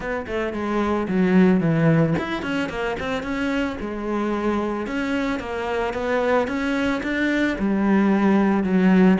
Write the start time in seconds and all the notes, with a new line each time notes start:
0.00 B3
0.27 A3
0.53 G#3
1.08 F#3
1.60 E3
2.18 E4
2.42 C#4
2.69 A#3
2.99 C4
3.22 C#4
3.80 G#3
4.86 C#4
5.39 A#3
5.93 B3
6.47 C#4
7.02 D4
7.58 G3
8.63 F#3